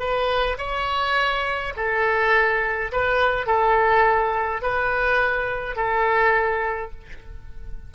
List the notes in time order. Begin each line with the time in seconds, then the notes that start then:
0.00 B4
0.58 C#5
1.76 A4
2.92 B4
3.47 A4
4.62 B4
5.76 A4